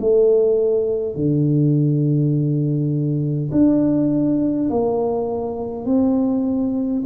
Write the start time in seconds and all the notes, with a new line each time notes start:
0.00 A3
1.15 D3
3.51 D4
4.70 A#3
5.85 C4